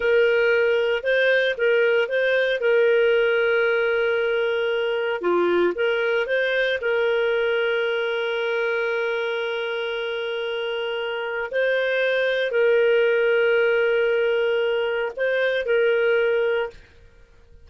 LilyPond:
\new Staff \with { instrumentName = "clarinet" } { \time 4/4 \tempo 4 = 115 ais'2 c''4 ais'4 | c''4 ais'2.~ | ais'2 f'4 ais'4 | c''4 ais'2.~ |
ais'1~ | ais'2 c''2 | ais'1~ | ais'4 c''4 ais'2 | }